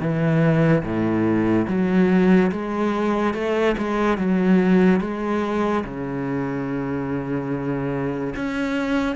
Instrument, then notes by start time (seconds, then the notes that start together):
cello
0.00 E3
0.84 A2
1.68 F#3
2.52 G#3
3.34 A3
3.78 G#3
4.18 F#3
5.01 G#3
5.84 C#3
8.36 C#4